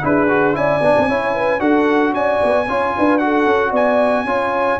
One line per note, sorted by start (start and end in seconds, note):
0.00 0.55 D4
0.00 0.27 E4
0.00 0.56 G#4
0.00 0.55 B4
0.28 0.53 F#4
0.53 0.80 C#4
0.53 0.79 E4
0.53 1.08 D5
0.53 1.60 G#5
0.80 0.93 B3
0.80 1.09 D4
0.97 1.09 C4
1.08 1.60 C#4
1.08 1.59 E4
1.08 1.34 C#5
1.34 1.60 B4
1.59 2.13 D4
1.59 2.65 F#4
1.59 2.13 A4
1.59 2.13 F#5
2.13 2.39 C#4
2.13 2.67 D5
2.13 3.18 G#5
2.43 2.67 B3
2.67 2.93 C#4
2.67 3.20 F4
2.67 2.94 C#5
2.96 3.45 D4
2.96 3.23 B4
3.18 4.26 F#4
3.18 3.70 A4
3.18 3.71 F#5
3.45 3.71 C#4
3.70 4.24 B3
3.70 4.23 D5
3.70 4.79 G#5
4.24 4.77 C#4
4.24 4.79 F4
4.24 4.79 C#5